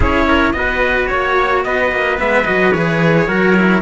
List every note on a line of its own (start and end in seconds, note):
0.00 0.53 C#4
0.00 0.53 E4
0.00 0.26 G#4
0.00 0.52 C#5
0.27 0.55 A#4
0.52 1.07 B3
0.52 2.17 F#4
0.52 1.10 B4
0.52 1.07 D#5
1.07 1.65 A#3
1.07 1.61 C#5
1.07 1.64 C#5
1.64 1.91 B3
1.64 3.27 B4
1.64 2.18 D#5
1.91 2.18 A#3
2.17 2.47 G#3
2.17 2.44 B3
2.17 2.46 E5
2.45 2.74 F#3
2.45 2.72 F#4
2.45 2.72 D#5
2.72 3.27 E3
2.72 3.27 G#4
2.72 3.81 C#5
3.27 3.81 F#3
3.27 3.55 F#4
3.27 3.81 A#4
3.56 3.81 E4